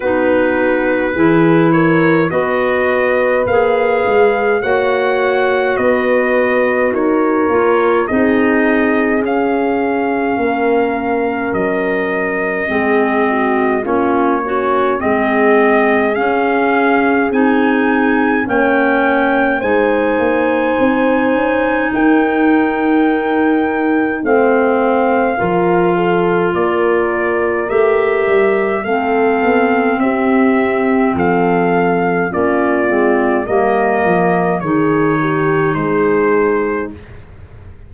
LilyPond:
<<
  \new Staff \with { instrumentName = "trumpet" } { \time 4/4 \tempo 4 = 52 b'4. cis''8 dis''4 f''4 | fis''4 dis''4 cis''4 dis''4 | f''2 dis''2 | cis''4 dis''4 f''4 gis''4 |
g''4 gis''2 g''4~ | g''4 f''2 d''4 | e''4 f''4 e''4 f''4 | d''4 dis''4 cis''4 c''4 | }
  \new Staff \with { instrumentName = "horn" } { \time 4/4 fis'4 gis'8 ais'8 b'2 | cis''4 b'4 ais'4 gis'4~ | gis'4 ais'2 gis'8 fis'8 | f'8 cis'8 gis'2. |
cis''4 c''2 ais'4~ | ais'4 c''4 ais'8 a'8 ais'4~ | ais'4 a'4 g'4 a'4 | f'4 ais'4 gis'8 g'8 gis'4 | }
  \new Staff \with { instrumentName = "clarinet" } { \time 4/4 dis'4 e'4 fis'4 gis'4 | fis'2~ fis'8 f'8 dis'4 | cis'2. c'4 | cis'8 fis'8 c'4 cis'4 dis'4 |
cis'4 dis'2.~ | dis'4 c'4 f'2 | g'4 c'2. | cis'8 c'8 ais4 dis'2 | }
  \new Staff \with { instrumentName = "tuba" } { \time 4/4 b4 e4 b4 ais8 gis8 | ais4 b4 dis'8 ais8 c'4 | cis'4 ais4 fis4 gis4 | ais4 gis4 cis'4 c'4 |
ais4 gis8 ais8 c'8 cis'8 dis'4~ | dis'4 a4 f4 ais4 | a8 g8 a8 b8 c'4 f4 | ais8 gis8 g8 f8 dis4 gis4 | }
>>